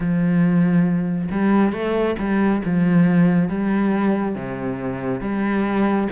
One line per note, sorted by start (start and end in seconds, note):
0.00 1.28 F3
1.31 1.72 G3
1.72 2.15 A3
2.19 2.62 G3
2.64 3.48 F3
3.48 4.35 G3
4.35 5.21 C3
5.21 6.08 G3